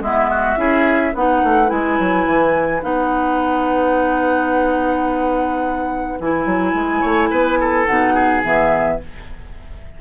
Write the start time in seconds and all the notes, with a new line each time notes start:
0.00 G#3 B3 E4 E5
0.30 F#4
0.56 C#4 E4 G#4
1.13 B3 D#4 B4 F#5
1.43 A3
1.66 G#3 E4 G#5
1.99 F#3
2.26 E3
2.82 B3 D#4 F#5
6.19 E3 E4 G#5
6.45 F#3
6.73 G#3
7.00 A3 C#5
7.30 B3 B4
7.60 A4
7.85 B2 D#4 F#5
8.14 G#4
8.43 E3 B3 E5